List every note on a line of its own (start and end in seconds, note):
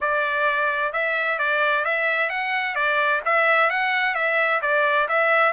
0.00 0.93 D5
0.93 1.38 E5
1.38 1.84 D5
1.84 2.29 E5
2.29 2.75 F#5
2.75 3.21 D5
3.25 3.69 E5
3.69 4.14 F#5
4.14 4.60 E5
4.61 5.07 D5
5.08 5.52 E5